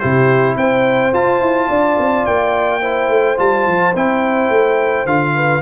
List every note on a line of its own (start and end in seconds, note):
0.00 0.56 C3
0.00 1.13 E4
0.00 0.56 G4
0.00 0.56 C5
0.56 1.12 C4
0.56 1.69 C5
0.56 1.14 G5
1.13 1.41 F4
1.13 2.82 F4
1.13 2.26 A5
1.41 1.69 E4
1.69 1.98 D4
1.69 2.81 D5
1.99 2.27 C4
2.26 3.09 A#3
2.26 3.38 G5
2.81 3.37 E4
2.81 5.34 C5
3.09 3.37 A3
3.37 3.67 G3
3.37 3.93 F4
3.37 3.95 A5
3.67 3.95 F3
3.95 4.50 C4
3.95 5.07 E4
3.95 5.07 G5
4.50 5.06 A3
5.06 5.62 D3
5.06 5.63 F4
5.06 5.63 F5
5.35 5.63 B4